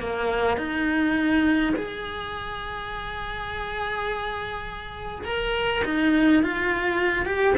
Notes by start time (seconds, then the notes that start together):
0.00 A#3
0.57 D#4
1.76 G#4
5.25 A#4
5.84 D#4
6.43 F4
7.26 G4